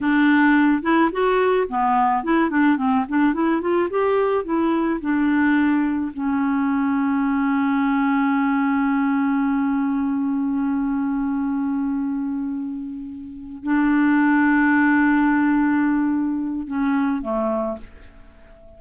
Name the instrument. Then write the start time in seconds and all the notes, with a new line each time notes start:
clarinet
0.01 D4
0.82 E4
1.12 F#4
1.68 B3
2.23 E4
2.49 D4
2.77 C4
3.08 D4
3.33 E4
3.61 F4
3.89 G4
4.44 E4
5.01 D4
6.13 C#4
13.63 D4
16.66 C#4
17.21 A3